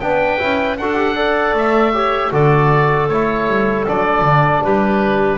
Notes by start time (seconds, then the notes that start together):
0.00 B3 D4 B4 G5
0.39 C#4 E4
0.78 D4 F#4 A4 F#5
0.96 G4
1.15 A4 D5
1.54 A3 E5
1.94 G4 C#5
2.32 D3 F#4 A4 D5
3.09 A3 E4 C#5
3.48 G3
3.87 F#3 D4 D5
4.22 D3
4.63 G3 G4 B4